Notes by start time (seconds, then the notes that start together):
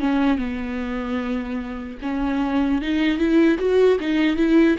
0.00 C#4
0.38 B3
2.02 C#4
2.81 D#4
3.18 E4
3.58 F#4
4.00 D#4
4.36 E4